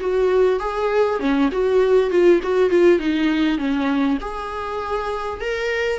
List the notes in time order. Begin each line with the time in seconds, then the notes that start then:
0.00 F#4
0.59 G#4
1.19 C#4
1.52 F#4
2.10 F4
2.43 F#4
2.70 F4
2.99 D#4
3.58 C#4
4.21 G#4
5.41 A#4